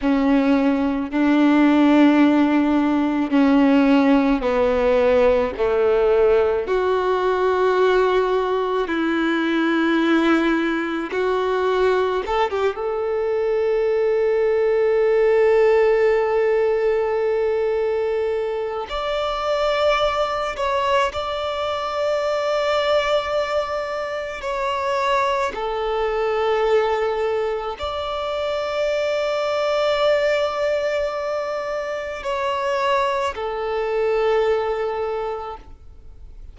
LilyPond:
\new Staff \with { instrumentName = "violin" } { \time 4/4 \tempo 4 = 54 cis'4 d'2 cis'4 | b4 a4 fis'2 | e'2 fis'4 a'16 g'16 a'8~ | a'1~ |
a'4 d''4. cis''8 d''4~ | d''2 cis''4 a'4~ | a'4 d''2.~ | d''4 cis''4 a'2 | }